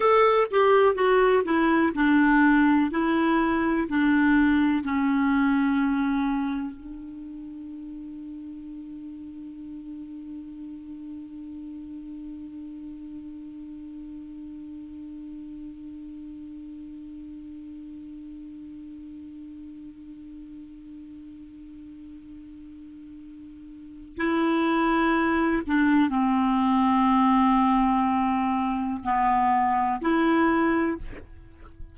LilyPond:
\new Staff \with { instrumentName = "clarinet" } { \time 4/4 \tempo 4 = 62 a'8 g'8 fis'8 e'8 d'4 e'4 | d'4 cis'2 d'4~ | d'1~ | d'1~ |
d'1~ | d'1~ | d'4 e'4. d'8 c'4~ | c'2 b4 e'4 | }